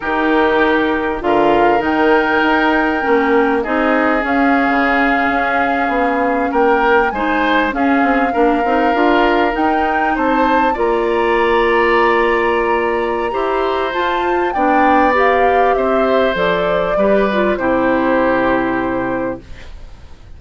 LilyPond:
<<
  \new Staff \with { instrumentName = "flute" } { \time 4/4 \tempo 4 = 99 ais'2 f''4 g''4~ | g''2 dis''4 f''4~ | f''2~ f''8. g''4 gis''16~ | gis''8. f''2. g''16~ |
g''8. a''4 ais''2~ ais''16~ | ais''2. a''4 | g''4 f''4 e''4 d''4~ | d''4 c''2. | }
  \new Staff \with { instrumentName = "oboe" } { \time 4/4 g'2 ais'2~ | ais'2 gis'2~ | gis'2~ gis'8. ais'4 c''16~ | c''8. gis'4 ais'2~ ais'16~ |
ais'8. c''4 d''2~ d''16~ | d''2 c''2 | d''2 c''2 | b'4 g'2. | }
  \new Staff \with { instrumentName = "clarinet" } { \time 4/4 dis'2 f'4 dis'4~ | dis'4 cis'4 dis'4 cis'4~ | cis'2.~ cis'8. dis'16~ | dis'8. cis'4 d'8 dis'8 f'4 dis'16~ |
dis'4.~ dis'16 f'2~ f'16~ | f'2 g'4 f'4 | d'4 g'2 a'4 | g'8 f'8 e'2. | }
  \new Staff \with { instrumentName = "bassoon" } { \time 4/4 dis2 d4 dis4 | dis'4 ais4 c'4 cis'8. cis16~ | cis8. cis'4 b4 ais4 gis16~ | gis8. cis'8 c'8 ais8 c'8 d'4 dis'16~ |
dis'8. c'4 ais2~ ais16~ | ais2 e'4 f'4 | b2 c'4 f4 | g4 c2. | }
>>